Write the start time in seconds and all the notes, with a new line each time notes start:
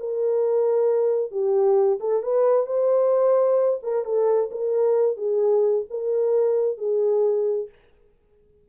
0.00 A#4
1.32 G4
2.00 A4
2.23 B4
2.67 C5
3.83 A#4
4.05 A4
4.52 A#4
5.17 G#4
5.91 A#4
6.78 G#4